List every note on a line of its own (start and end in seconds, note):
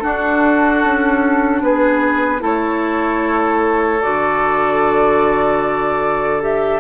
0.00 2.40 D4
0.00 0.84 D4
0.00 1.63 F#4
0.00 1.61 A4
0.84 1.62 C#4
1.62 2.42 B3
1.62 2.42 G#4
1.62 2.43 B4
2.40 4.02 A3
2.40 4.00 E4
2.40 6.80 A4
2.40 4.02 C#5
4.02 6.80 D3
4.02 6.41 F#4
4.02 6.42 D5
6.41 6.80 G4
6.41 6.80 E5